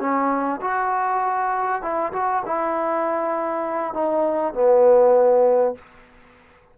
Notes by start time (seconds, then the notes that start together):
0.00 C#4
0.61 F#4
1.82 E4
2.13 F#4
2.46 E4
3.94 D#4
4.54 B3